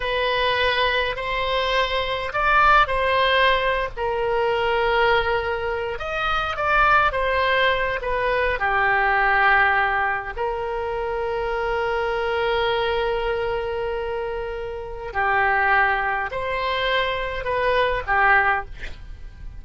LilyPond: \new Staff \with { instrumentName = "oboe" } { \time 4/4 \tempo 4 = 103 b'2 c''2 | d''4 c''4.~ c''16 ais'4~ ais'16~ | ais'2~ ais'16 dis''4 d''8.~ | d''16 c''4. b'4 g'4~ g'16~ |
g'4.~ g'16 ais'2~ ais'16~ | ais'1~ | ais'2 g'2 | c''2 b'4 g'4 | }